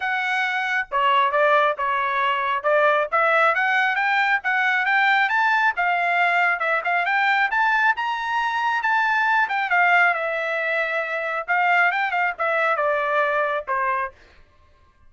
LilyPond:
\new Staff \with { instrumentName = "trumpet" } { \time 4/4 \tempo 4 = 136 fis''2 cis''4 d''4 | cis''2 d''4 e''4 | fis''4 g''4 fis''4 g''4 | a''4 f''2 e''8 f''8 |
g''4 a''4 ais''2 | a''4. g''8 f''4 e''4~ | e''2 f''4 g''8 f''8 | e''4 d''2 c''4 | }